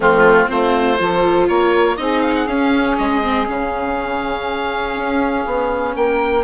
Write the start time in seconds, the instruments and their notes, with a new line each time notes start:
0.00 bassoon F3, viola A3, saxophone C4, oboe F4
0.47 bassoon A3, viola C4, saxophone F4, oboe C5
0.98 bassoon F3, viola F4, saxophone A4
1.48 bassoon A#3, saxophone A#4, oboe C#5
1.96 bassoon C4, viola D#4, saxophone G#4, oboe D#5
2.21 oboe F5
2.35 oboe F#5
2.46 bassoon C#4, viola C#4, oboe F5
2.98 bassoon G#3, oboe D#5
3.23 viola C4
3.45 bassoon C#3, viola C#4, oboe F5
4.95 bassoon C#4
5.45 bassoon B3
5.95 bassoon A#3, saxophone A#4, oboe G5